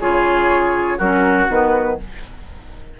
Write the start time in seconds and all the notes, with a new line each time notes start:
0.00 C#3 F4 G#4 C#5
0.98 F#3 C#4 F#4 A#4
1.48 D#3 B3 B4